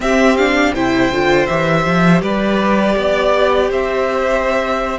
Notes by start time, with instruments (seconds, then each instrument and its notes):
0.00 viola C4, cello C4, violin G4 E5
0.36 viola D4, violin F5
0.73 cello C3, viola E4, violin C5 G5
1.10 cello D3, viola F4
1.46 cello E3, viola G4, violin E5
1.85 cello F3
2.21 cello G3, violin B4 D5
2.96 cello B3, violin D5
3.69 cello C4, violin C5 E5